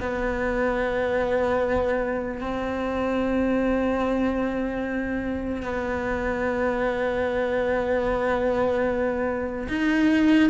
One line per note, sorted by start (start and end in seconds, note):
0.00 2.41 B3
2.41 5.63 C4
5.63 9.68 B3
9.69 10.50 D#4